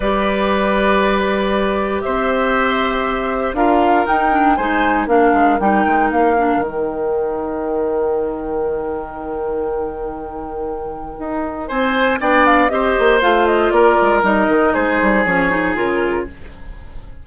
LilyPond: <<
  \new Staff \with { instrumentName = "flute" } { \time 4/4 \tempo 4 = 118 d''1 | e''2. f''4 | g''4 gis''4 f''4 g''4 | f''4 g''2.~ |
g''1~ | g''2. gis''4 | g''8 f''8 dis''4 f''8 dis''8 d''4 | dis''4 c''4 cis''4 ais'4 | }
  \new Staff \with { instrumentName = "oboe" } { \time 4/4 b'1 | c''2. ais'4~ | ais'4 c''4 ais'2~ | ais'1~ |
ais'1~ | ais'2. c''4 | d''4 c''2 ais'4~ | ais'4 gis'2. | }
  \new Staff \with { instrumentName = "clarinet" } { \time 4/4 g'1~ | g'2. f'4 | dis'8 d'8 dis'4 d'4 dis'4~ | dis'8 d'8 dis'2.~ |
dis'1~ | dis'1 | d'4 g'4 f'2 | dis'2 cis'8 dis'8 f'4 | }
  \new Staff \with { instrumentName = "bassoon" } { \time 4/4 g1 | c'2. d'4 | dis'4 gis4 ais8 gis8 g8 gis8 | ais4 dis2.~ |
dis1~ | dis2 dis'4 c'4 | b4 c'8 ais8 a4 ais8 gis8 | g8 dis8 gis8 g8 f4 cis4 | }
>>